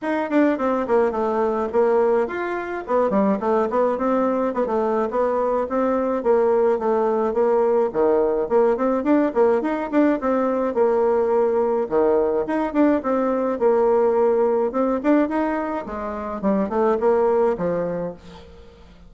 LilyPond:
\new Staff \with { instrumentName = "bassoon" } { \time 4/4 \tempo 4 = 106 dis'8 d'8 c'8 ais8 a4 ais4 | f'4 b8 g8 a8 b8 c'4 | b16 a8. b4 c'4 ais4 | a4 ais4 dis4 ais8 c'8 |
d'8 ais8 dis'8 d'8 c'4 ais4~ | ais4 dis4 dis'8 d'8 c'4 | ais2 c'8 d'8 dis'4 | gis4 g8 a8 ais4 f4 | }